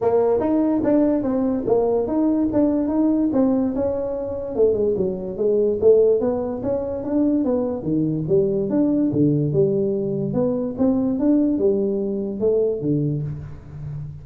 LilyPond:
\new Staff \with { instrumentName = "tuba" } { \time 4/4 \tempo 4 = 145 ais4 dis'4 d'4 c'4 | ais4 dis'4 d'4 dis'4 | c'4 cis'2 a8 gis8 | fis4 gis4 a4 b4 |
cis'4 d'4 b4 dis4 | g4 d'4 d4 g4~ | g4 b4 c'4 d'4 | g2 a4 d4 | }